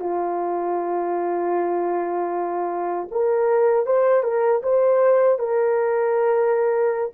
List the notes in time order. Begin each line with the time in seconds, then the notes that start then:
0.00 F4
3.11 A#4
3.86 C5
4.23 A#4
4.63 C5
5.39 A#4